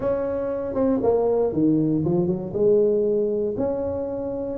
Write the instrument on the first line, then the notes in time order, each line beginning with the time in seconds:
tuba
0.00 C#4
0.74 C4
1.02 A#3
1.53 D#3
2.04 F3
2.27 F#3
2.53 G#3
3.57 C#4